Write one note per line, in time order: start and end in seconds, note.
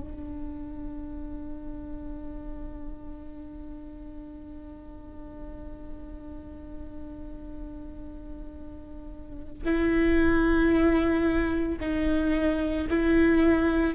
0.00 9.64 D4
9.65 11.79 E4
11.81 12.88 D#4
12.90 13.95 E4